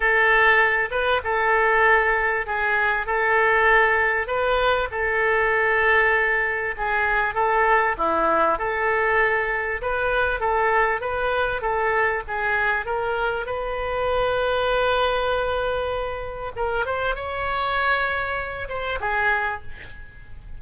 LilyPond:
\new Staff \with { instrumentName = "oboe" } { \time 4/4 \tempo 4 = 98 a'4. b'8 a'2 | gis'4 a'2 b'4 | a'2. gis'4 | a'4 e'4 a'2 |
b'4 a'4 b'4 a'4 | gis'4 ais'4 b'2~ | b'2. ais'8 c''8 | cis''2~ cis''8 c''8 gis'4 | }